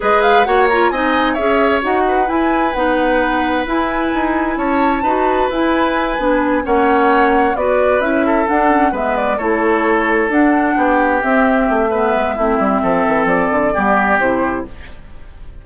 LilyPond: <<
  \new Staff \with { instrumentName = "flute" } { \time 4/4 \tempo 4 = 131 dis''8 f''8 fis''8 ais''8 gis''4 e''4 | fis''4 gis''4 fis''2 | gis''2 a''2 | gis''2~ gis''8 fis''4.~ |
fis''8 d''4 e''4 fis''4 e''8 | d''8 cis''2 fis''4.~ | fis''8 e''2.~ e''8~ | e''4 d''2 c''4 | }
  \new Staff \with { instrumentName = "oboe" } { \time 4/4 b'4 cis''4 dis''4 cis''4~ | cis''8 b'2.~ b'8~ | b'2 cis''4 b'4~ | b'2~ b'8 cis''4.~ |
cis''8 b'4. a'4. b'8~ | b'8 a'2. g'8~ | g'2 b'4 e'4 | a'2 g'2 | }
  \new Staff \with { instrumentName = "clarinet" } { \time 4/4 gis'4 fis'8 f'8 dis'4 gis'4 | fis'4 e'4 dis'2 | e'2. fis'4 | e'4. d'4 cis'4.~ |
cis'8 fis'4 e'4 d'8 cis'8 b8~ | b8 e'2 d'4.~ | d'8 c'4. b4 c'4~ | c'2 b4 e'4 | }
  \new Staff \with { instrumentName = "bassoon" } { \time 4/4 gis4 ais4 c'4 cis'4 | dis'4 e'4 b2 | e'4 dis'4 cis'4 dis'4 | e'4. b4 ais4.~ |
ais8 b4 cis'4 d'4 gis8~ | gis8 a2 d'4 b8~ | b8 c'4 a4 gis8 a8 g8 | f8 e8 f8 d8 g4 c4 | }
>>